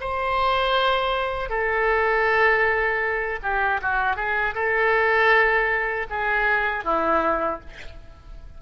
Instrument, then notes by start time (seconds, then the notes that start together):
oboe
0.00 C5
1.49 A4
3.42 G4
3.81 F#4
4.16 G#4
4.54 A4
6.10 G#4
6.84 E4